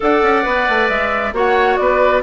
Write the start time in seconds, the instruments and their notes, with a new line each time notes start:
0.00 bassoon D4, clarinet A4, oboe D5, flute F#5
0.22 bassoon C#4
0.42 bassoon B3, clarinet B4
0.69 bassoon A3
0.88 bassoon G#3, flute E5
1.32 bassoon A#3, clarinet F#4, oboe C#5, flute F#5
1.77 bassoon B3, oboe B4, flute D5